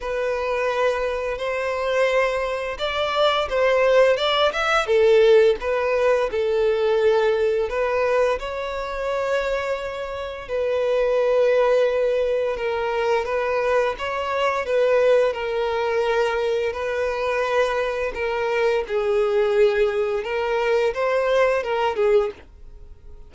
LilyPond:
\new Staff \with { instrumentName = "violin" } { \time 4/4 \tempo 4 = 86 b'2 c''2 | d''4 c''4 d''8 e''8 a'4 | b'4 a'2 b'4 | cis''2. b'4~ |
b'2 ais'4 b'4 | cis''4 b'4 ais'2 | b'2 ais'4 gis'4~ | gis'4 ais'4 c''4 ais'8 gis'8 | }